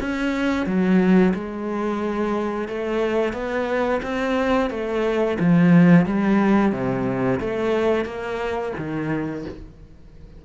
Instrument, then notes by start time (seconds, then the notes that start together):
cello
0.00 C#4
0.66 F#3
1.34 G#3
2.68 A3
3.32 B3
4.02 C4
4.70 A3
5.39 F3
6.05 G3
6.72 C3
7.40 A3
8.05 A#3
8.77 D#3